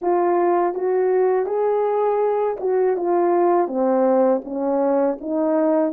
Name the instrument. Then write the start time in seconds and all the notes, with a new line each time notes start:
horn
0.01 F4
0.74 F#4
1.45 G#4
2.60 F#4
2.96 F4
3.67 C4
4.44 C#4
5.20 D#4